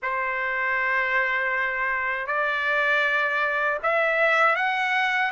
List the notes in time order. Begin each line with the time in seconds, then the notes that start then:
0.02 C5
2.26 D5
3.83 E5
4.55 F#5